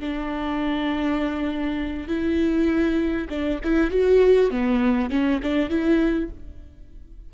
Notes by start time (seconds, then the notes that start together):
0.00 D4
2.08 E4
3.29 D4
3.64 E4
3.91 F#4
4.51 B3
5.10 C#4
5.43 D4
5.70 E4